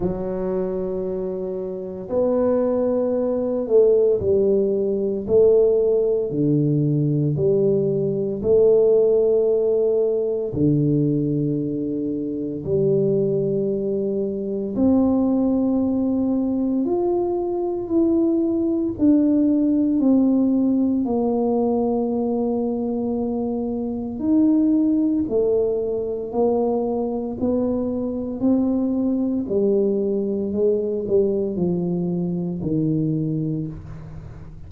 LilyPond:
\new Staff \with { instrumentName = "tuba" } { \time 4/4 \tempo 4 = 57 fis2 b4. a8 | g4 a4 d4 g4 | a2 d2 | g2 c'2 |
f'4 e'4 d'4 c'4 | ais2. dis'4 | a4 ais4 b4 c'4 | g4 gis8 g8 f4 dis4 | }